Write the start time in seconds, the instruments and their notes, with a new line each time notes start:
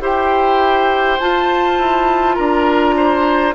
0.00 bassoon E4, clarinet G4, oboe C5, flute G5
1.19 clarinet F4, bassoon F4, flute A5
1.78 bassoon E4
2.35 bassoon D4, oboe A#4, flute A#5
2.96 oboe C5